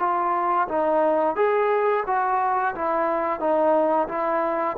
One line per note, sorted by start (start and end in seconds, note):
0.00 0.68 F4
0.69 1.36 D#4
1.36 2.04 G#4
2.07 2.75 F#4
2.75 3.40 E4
3.40 4.08 D#4
4.09 4.77 E4